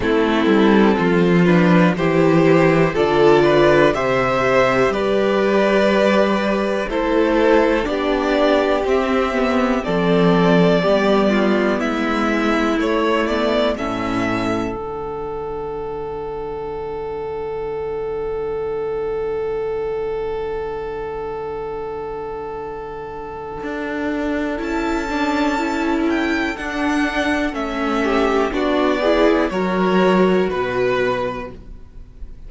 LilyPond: <<
  \new Staff \with { instrumentName = "violin" } { \time 4/4 \tempo 4 = 61 a'4. b'8 c''4 d''4 | e''4 d''2 c''4 | d''4 e''4 d''2 | e''4 cis''8 d''8 e''4 fis''4~ |
fis''1~ | fis''1~ | fis''4 a''4. g''8 fis''4 | e''4 d''4 cis''4 b'4 | }
  \new Staff \with { instrumentName = "violin" } { \time 4/4 e'4 f'4 g'4 a'8 b'8 | c''4 b'2 a'4 | g'2 a'4 g'8 f'8 | e'2 a'2~ |
a'1~ | a'1~ | a'1~ | a'8 g'8 fis'8 gis'8 ais'4 b'4 | }
  \new Staff \with { instrumentName = "viola" } { \time 4/4 c'4. d'8 e'4 f'4 | g'2. e'4 | d'4 c'8 b8 c'4 b4~ | b4 a8 b8 cis'4 d'4~ |
d'1~ | d'1~ | d'4 e'8 d'8 e'4 d'4 | cis'4 d'8 e'8 fis'2 | }
  \new Staff \with { instrumentName = "cello" } { \time 4/4 a8 g8 f4 e4 d4 | c4 g2 a4 | b4 c'4 f4 g4 | gis4 a4 a,4 d4~ |
d1~ | d1 | d'4 cis'2 d'4 | a4 b4 fis4 b,4 | }
>>